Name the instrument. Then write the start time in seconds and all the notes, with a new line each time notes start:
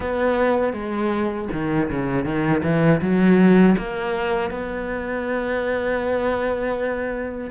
cello
0.00 B3
0.73 G#3
1.52 D#3
1.90 C#3
2.24 D#3
2.63 E3
3.01 F#3
3.77 A#3
4.50 B3